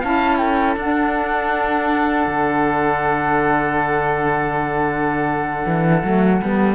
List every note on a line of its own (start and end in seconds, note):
0.00 0.77 C#4
0.00 0.77 E4
0.00 0.38 F5
0.00 0.38 A5
0.38 6.75 A4
0.38 0.75 G5
0.77 2.27 D4
0.77 6.03 D4
0.77 6.75 F#5
2.27 5.65 D3
5.66 6.03 E3
6.03 6.41 F#3
6.03 6.40 A3
6.42 6.75 G3
6.42 6.75 B3